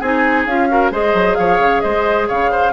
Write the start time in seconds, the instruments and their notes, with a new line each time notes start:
0.00 bassoon C4, clarinet D#4, oboe G#4, flute G#5
0.46 bassoon C#4, clarinet F4, flute F5
0.69 clarinet F#4, oboe A#4
0.91 bassoon G#3, clarinet G#4, oboe C5, flute D#5
1.14 bassoon F#3
1.35 bassoon F3, oboe C#5, flute F5
1.59 bassoon C#3
1.81 bassoon G#3, oboe C5, flute D#5
2.28 bassoon C#3, oboe C#5, flute F5
2.51 oboe C5